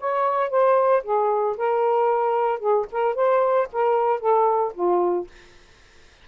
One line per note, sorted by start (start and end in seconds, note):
0.00 0.50 C#5
0.50 1.03 C5
1.03 1.56 G#4
1.57 2.59 A#4
2.59 2.86 G#4
2.92 3.15 A#4
3.15 3.68 C5
3.73 4.20 A#4
4.20 4.73 A4
4.74 5.27 F4